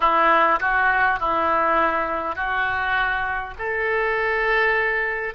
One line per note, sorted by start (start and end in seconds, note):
0.00 0.59 E4
0.60 1.19 F#4
1.19 2.35 E4
2.35 3.54 F#4
3.58 5.34 A4